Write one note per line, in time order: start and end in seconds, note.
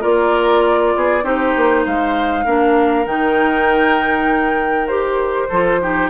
0.00 0.95 A#3
0.00 1.21 F4
0.00 0.92 A#4
0.00 1.24 D5
0.95 1.23 B3
0.95 1.23 G#4
1.23 1.53 C4
1.23 2.44 D#4
1.23 1.84 G4
1.23 1.85 C5
1.56 1.86 A#3
1.84 2.45 G#3
1.84 2.44 C5
1.84 3.07 F5
2.44 3.05 A#3
2.44 3.06 D4
2.44 5.47 A#4
3.05 5.48 D#3
3.05 4.87 D#4
3.05 4.87 G5
4.87 5.48 G4
4.87 6.08 C5
5.49 6.09 F3
5.49 5.81 F4
5.49 5.79 A4
5.81 6.09 D#4
5.81 6.09 G4